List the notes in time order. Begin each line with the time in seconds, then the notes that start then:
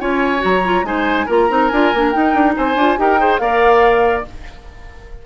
0.00 C#4 F4 C#5 G#5
0.39 F#3 F#4 A#5
0.65 F4
0.84 G#3 D#4 C5 G#5
1.27 A#3 F4 A#4 A#5
1.49 C4 D#4
1.69 D4 F4 G#5
1.94 A#3 D4
2.12 D#4 G5
2.34 D4
2.57 C4 C5 G#5
2.76 D4 F4
2.98 D#4 G4 A#4 G5
3.19 G#4 C5
3.39 A#3 A#4 D5 F5